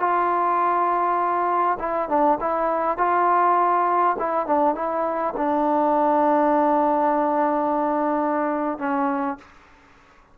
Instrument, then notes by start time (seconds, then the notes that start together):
trombone
0.00 F4
1.79 E4
2.09 D4
2.41 E4
2.98 F4
4.19 E4
4.46 D4
4.75 E4
5.37 D4
8.79 C#4